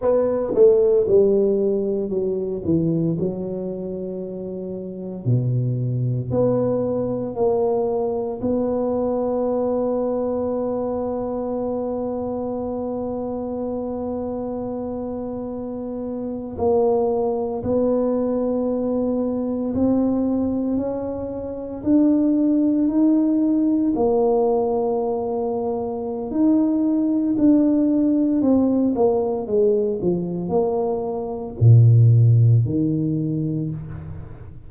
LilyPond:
\new Staff \with { instrumentName = "tuba" } { \time 4/4 \tempo 4 = 57 b8 a8 g4 fis8 e8 fis4~ | fis4 b,4 b4 ais4 | b1~ | b2.~ b8. ais16~ |
ais8. b2 c'4 cis'16~ | cis'8. d'4 dis'4 ais4~ ais16~ | ais4 dis'4 d'4 c'8 ais8 | gis8 f8 ais4 ais,4 dis4 | }